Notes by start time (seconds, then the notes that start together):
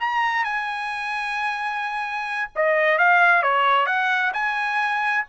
0.00 A#5
0.44 G#5
2.56 D#5
2.98 F5
3.43 C#5
3.87 F#5
4.34 G#5